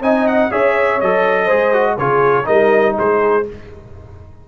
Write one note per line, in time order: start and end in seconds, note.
0.00 0.49 C4
0.00 0.51 D#4
0.00 0.52 D#5
0.00 0.27 G#5
0.27 0.51 F#5
0.51 1.01 C#4
0.51 1.00 G#4
0.51 1.45 C#5
0.51 1.01 E5
1.01 1.50 F#3
1.01 1.49 A4
1.01 1.98 D#5
1.45 1.97 G#3
1.45 1.73 G#4
1.45 1.95 C5
1.73 1.98 F#4
1.97 2.46 C#3
1.97 2.44 F4
1.97 2.47 G#4
1.97 2.46 C#5
2.44 2.97 G3
2.44 3.43 D#4
2.44 2.97 A#4
2.44 2.95 D#5
2.98 3.48 G#3
2.98 3.48 G#4
2.98 3.47 C5